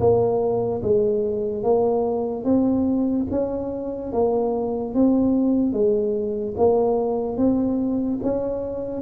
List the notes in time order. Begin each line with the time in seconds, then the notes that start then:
0.00 A#3
0.83 G#3
1.63 A#3
2.45 C4
3.31 C#4
4.12 A#3
4.95 C4
5.73 G#3
6.57 A#3
7.37 C4
8.23 C#4